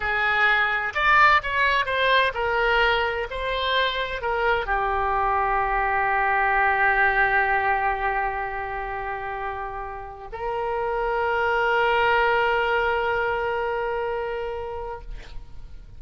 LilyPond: \new Staff \with { instrumentName = "oboe" } { \time 4/4 \tempo 4 = 128 gis'2 d''4 cis''4 | c''4 ais'2 c''4~ | c''4 ais'4 g'2~ | g'1~ |
g'1~ | g'2 ais'2~ | ais'1~ | ais'1 | }